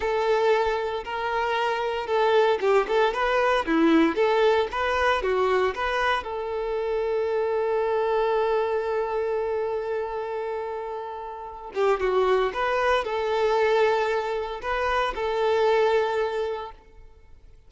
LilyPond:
\new Staff \with { instrumentName = "violin" } { \time 4/4 \tempo 4 = 115 a'2 ais'2 | a'4 g'8 a'8 b'4 e'4 | a'4 b'4 fis'4 b'4 | a'1~ |
a'1~ | a'2~ a'8 g'8 fis'4 | b'4 a'2. | b'4 a'2. | }